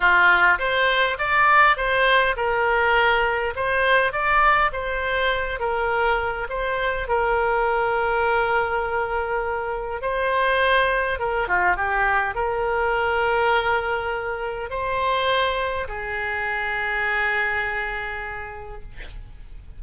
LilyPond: \new Staff \with { instrumentName = "oboe" } { \time 4/4 \tempo 4 = 102 f'4 c''4 d''4 c''4 | ais'2 c''4 d''4 | c''4. ais'4. c''4 | ais'1~ |
ais'4 c''2 ais'8 f'8 | g'4 ais'2.~ | ais'4 c''2 gis'4~ | gis'1 | }